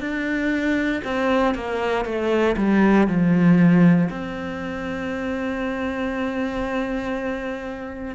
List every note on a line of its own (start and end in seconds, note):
0.00 1.02 D4
1.04 1.54 C4
1.54 2.05 A#3
2.05 2.56 A3
2.57 3.07 G3
3.07 4.09 F3
4.10 8.15 C4